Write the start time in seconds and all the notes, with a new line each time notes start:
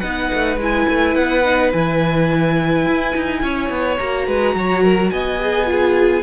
0.00 B3 D#4 B4 F#5
0.34 A3
0.57 G#3 E4
0.63 G#5
0.90 A3
1.16 B3 F#5
1.45 D#4
1.73 E3 E4 G#5
2.87 E4
3.16 D#4
3.43 C#4 C#5
3.70 B3
3.99 A#3 F#4 A#5
4.27 G#3 B4
4.55 F#3 C#5
4.84 A#4
5.11 B3 D#5 G#5
5.39 G#4
5.67 F4 G#4